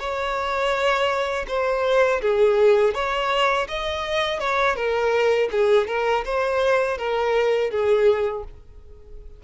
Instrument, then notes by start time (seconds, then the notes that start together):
violin
0.00 C#5
1.48 C5
2.22 G#4
2.94 C#5
3.69 D#5
4.40 C#5
4.76 A#4
5.52 G#4
5.88 A#4
6.26 C5
6.98 A#4
7.71 G#4